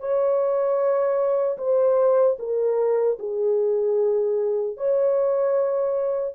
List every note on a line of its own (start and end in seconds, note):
0.00 1.58 C#5
1.58 2.37 C5
2.40 3.19 A#4
3.19 4.77 G#4
4.77 6.35 C#5